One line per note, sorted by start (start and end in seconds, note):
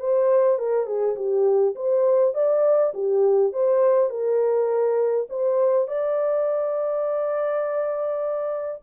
0.00 0.59 C5
0.59 0.86 A#4
0.86 1.16 G#4
1.16 1.75 G4
1.75 2.34 C5
2.34 2.93 D5
2.94 3.52 G4
3.52 4.10 C5
4.10 5.28 A#4
5.29 5.88 C5
5.88 8.82 D5